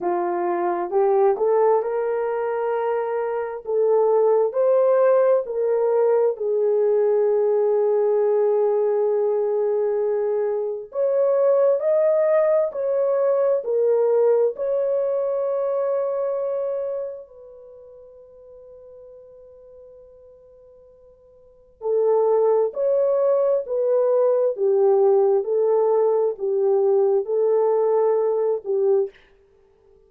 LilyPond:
\new Staff \with { instrumentName = "horn" } { \time 4/4 \tempo 4 = 66 f'4 g'8 a'8 ais'2 | a'4 c''4 ais'4 gis'4~ | gis'1 | cis''4 dis''4 cis''4 ais'4 |
cis''2. b'4~ | b'1 | a'4 cis''4 b'4 g'4 | a'4 g'4 a'4. g'8 | }